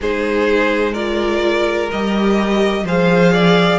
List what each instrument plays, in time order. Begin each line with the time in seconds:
0.00 cello G#3, viola D#4, violin G#4 C5
0.91 viola F4, violin A#4 D5
1.91 cello G3, viola G4, violin D#5
2.83 cello F3, viola G#4, violin C5 F5
3.33 violin D5